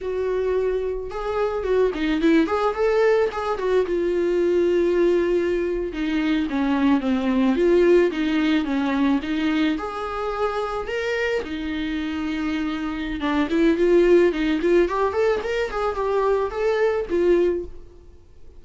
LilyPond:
\new Staff \with { instrumentName = "viola" } { \time 4/4 \tempo 4 = 109 fis'2 gis'4 fis'8 dis'8 | e'8 gis'8 a'4 gis'8 fis'8 f'4~ | f'2~ f'8. dis'4 cis'16~ | cis'8. c'4 f'4 dis'4 cis'16~ |
cis'8. dis'4 gis'2 ais'16~ | ais'8. dis'2.~ dis'16 | d'8 e'8 f'4 dis'8 f'8 g'8 a'8 | ais'8 gis'8 g'4 a'4 f'4 | }